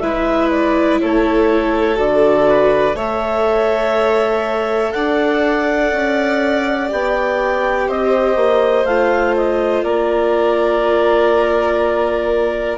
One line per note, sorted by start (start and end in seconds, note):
0.00 1.00 G#3
0.00 1.96 E4
0.00 1.01 B4
0.00 0.49 E5
0.51 1.00 D5
1.01 1.99 A3
1.01 2.49 A4
1.01 1.99 C#5
1.96 2.95 D3
1.96 2.94 F#4
1.96 2.97 D5
2.49 2.97 B4
2.95 4.92 A3
2.95 6.89 A4
2.95 4.93 C#5
2.95 4.92 E5
4.92 5.93 D4
4.92 7.88 D5
4.92 6.89 F#5
5.93 6.91 C#4
6.89 7.89 B3
6.89 8.85 G4
6.89 7.90 G5
7.88 8.36 C4
7.88 9.84 C5
7.88 8.86 D#5
8.36 8.85 A#3
8.85 9.84 A3
8.85 12.78 F4
8.85 9.35 F5
9.36 9.84 D#5
9.84 12.78 A#3
9.84 12.78 A#4
9.84 12.78 D5